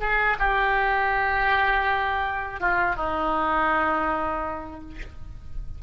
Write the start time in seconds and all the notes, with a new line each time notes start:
0.00 G#4
0.39 G4
2.60 F4
2.95 D#4